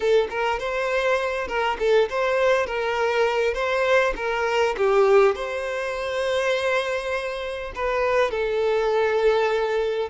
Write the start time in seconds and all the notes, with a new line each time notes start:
0.00 A4
0.30 A#4
0.59 C5
1.47 A#4
1.79 A4
2.09 C5
2.66 A#4
3.54 C5
4.16 A#4
4.77 G4
5.35 C5
7.75 B4
8.30 A4